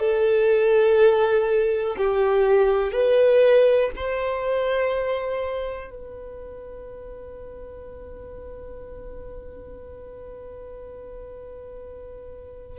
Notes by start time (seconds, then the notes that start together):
0.00 A4
1.98 G4
2.93 B4
3.97 C5
5.91 B4